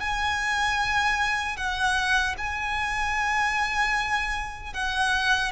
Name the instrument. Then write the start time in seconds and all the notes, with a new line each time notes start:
violin
0.00 G#5
1.56 F#5
2.38 G#5
4.73 F#5